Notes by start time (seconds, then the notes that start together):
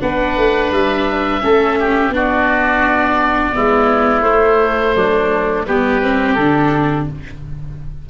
0.00 B3 D4 B4 F#5
0.37 A3
0.71 G3 E5
1.40 A3 C#4 A4
1.79 G4
2.09 B3 D4 F#4
2.15 D5
3.53 G#3 B3 E4
4.21 A3 C5
4.95 F#3 D4
5.66 G3 B3 G4 B4
6.01 C4
6.34 D3 D4 A4